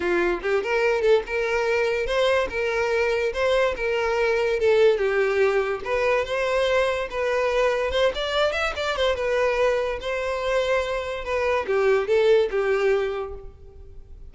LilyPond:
\new Staff \with { instrumentName = "violin" } { \time 4/4 \tempo 4 = 144 f'4 g'8 ais'4 a'8 ais'4~ | ais'4 c''4 ais'2 | c''4 ais'2 a'4 | g'2 b'4 c''4~ |
c''4 b'2 c''8 d''8~ | d''8 e''8 d''8 c''8 b'2 | c''2. b'4 | g'4 a'4 g'2 | }